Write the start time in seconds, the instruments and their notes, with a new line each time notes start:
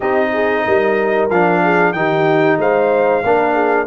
0.00 tuba C4, trombone D#4, horn G4, trumpet D#5
0.32 horn G#4
0.66 tuba G3, horn A#4
1.30 tuba F3, trombone D4, trumpet F5
1.62 horn G#4
1.92 tuba D#3, trombone D#4, horn G4, trumpet G5
2.58 tuba G#3, horn C5, trumpet F5
3.24 tuba A#3, trombone D4, horn A#4
3.53 horn G#4